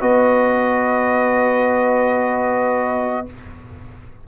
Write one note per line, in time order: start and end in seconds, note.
0.00 3.28 B3
0.00 3.26 F#4
0.00 3.26 B4
0.00 3.27 D#5